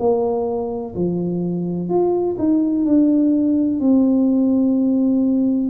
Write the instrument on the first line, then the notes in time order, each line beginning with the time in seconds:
tuba
0.00 A#3
0.95 F3
1.90 F4
2.39 D#4
2.86 D4
3.81 C4